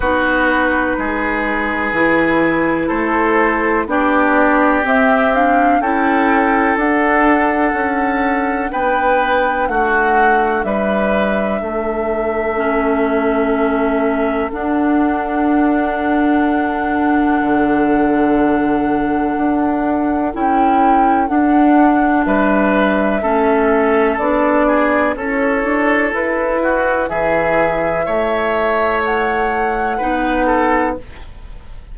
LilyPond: <<
  \new Staff \with { instrumentName = "flute" } { \time 4/4 \tempo 4 = 62 b'2. c''4 | d''4 e''8 f''8 g''4 fis''4~ | fis''4 g''4 fis''4 e''4~ | e''2. fis''4~ |
fis''1~ | fis''4 g''4 fis''4 e''4~ | e''4 d''4 cis''4 b'4 | e''2 fis''2 | }
  \new Staff \with { instrumentName = "oboe" } { \time 4/4 fis'4 gis'2 a'4 | g'2 a'2~ | a'4 b'4 fis'4 b'4 | a'1~ |
a'1~ | a'2. b'4 | a'4. gis'8 a'4. fis'8 | gis'4 cis''2 b'8 a'8 | }
  \new Staff \with { instrumentName = "clarinet" } { \time 4/4 dis'2 e'2 | d'4 c'8 d'8 e'4 d'4~ | d'1~ | d'4 cis'2 d'4~ |
d'1~ | d'4 e'4 d'2 | cis'4 d'4 e'2~ | e'2. dis'4 | }
  \new Staff \with { instrumentName = "bassoon" } { \time 4/4 b4 gis4 e4 a4 | b4 c'4 cis'4 d'4 | cis'4 b4 a4 g4 | a2. d'4~ |
d'2 d2 | d'4 cis'4 d'4 g4 | a4 b4 cis'8 d'8 e'4 | e4 a2 b4 | }
>>